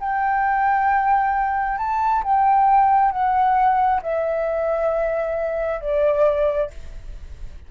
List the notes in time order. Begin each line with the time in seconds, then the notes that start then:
0.00 G5
1.78 A5
2.23 G5
3.11 F#5
4.02 E5
5.81 D5